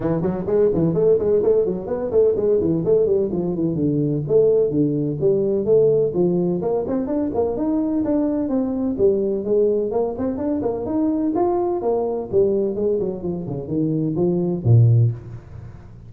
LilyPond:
\new Staff \with { instrumentName = "tuba" } { \time 4/4 \tempo 4 = 127 e8 fis8 gis8 e8 a8 gis8 a8 fis8 | b8 a8 gis8 e8 a8 g8 f8 e8 | d4 a4 d4 g4 | a4 f4 ais8 c'8 d'8 ais8 |
dis'4 d'4 c'4 g4 | gis4 ais8 c'8 d'8 ais8 dis'4 | f'4 ais4 g4 gis8 fis8 | f8 cis8 dis4 f4 ais,4 | }